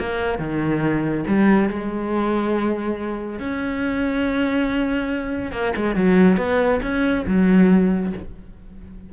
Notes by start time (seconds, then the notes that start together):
0.00 A#3
0.39 D#3
1.28 G3
1.69 G#3
3.40 C#4
5.52 A#3
5.76 G#3
5.96 F#3
6.38 B3
6.82 C#4
7.28 F#3